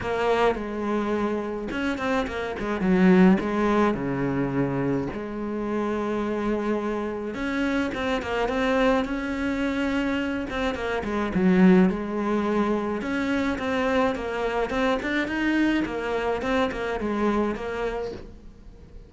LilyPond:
\new Staff \with { instrumentName = "cello" } { \time 4/4 \tempo 4 = 106 ais4 gis2 cis'8 c'8 | ais8 gis8 fis4 gis4 cis4~ | cis4 gis2.~ | gis4 cis'4 c'8 ais8 c'4 |
cis'2~ cis'8 c'8 ais8 gis8 | fis4 gis2 cis'4 | c'4 ais4 c'8 d'8 dis'4 | ais4 c'8 ais8 gis4 ais4 | }